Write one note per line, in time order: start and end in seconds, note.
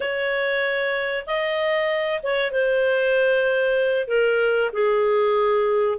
0.00 1.25 C#5
1.26 2.21 D#5
2.22 2.51 C#5
2.51 4.07 C5
4.07 4.71 A#4
4.73 5.98 G#4